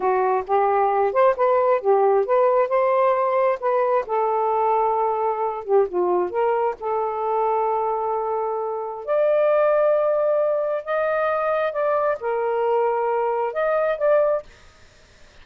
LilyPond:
\new Staff \with { instrumentName = "saxophone" } { \time 4/4 \tempo 4 = 133 fis'4 g'4. c''8 b'4 | g'4 b'4 c''2 | b'4 a'2.~ | a'8 g'8 f'4 ais'4 a'4~ |
a'1 | d''1 | dis''2 d''4 ais'4~ | ais'2 dis''4 d''4 | }